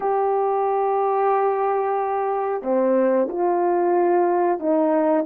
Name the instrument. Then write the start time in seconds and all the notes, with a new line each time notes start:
horn
0.00 G4
2.62 C4
3.29 F4
4.59 D#4